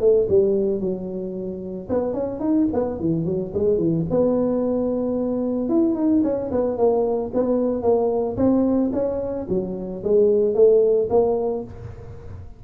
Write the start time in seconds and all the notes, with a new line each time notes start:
0.00 A3
0.29 G3
0.80 F#3
1.89 B3
2.13 C#4
2.40 D#4
2.73 B3
3.00 E3
3.25 F#3
3.54 G#3
3.78 E3
4.10 B3
5.69 E4
5.95 D#4
6.23 C#4
6.51 B3
6.77 A#3
7.34 B3
7.82 A#3
8.36 C4
8.92 C#4
9.49 F#3
10.03 G#3
10.54 A3
11.09 A#3